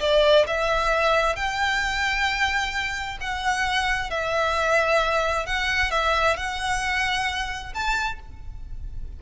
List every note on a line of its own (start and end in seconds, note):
0.00 0.45 D5
0.47 1.36 E5
1.36 3.18 G5
3.21 4.11 F#5
4.11 5.46 E5
5.46 5.91 F#5
5.91 6.37 E5
6.37 7.73 F#5
7.74 8.20 A5